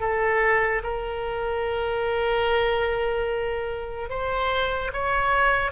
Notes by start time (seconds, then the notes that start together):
0.00 A4
0.83 A#4
4.09 C5
4.93 C#5